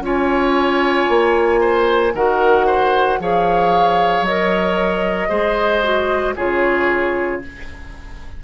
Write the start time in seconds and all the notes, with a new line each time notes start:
0.00 C#4 F4 C#5 G#5
1.09 A#3
1.61 C5
2.14 D#3 F#4 A#4 F#5
2.66 C5
3.20 F3 G#4 C#5 F5
4.21 F#3 D#5
4.28 A#4
5.29 G#3 G#4 C5
5.83 F#4
6.36 C#3 F4 G#4 C#5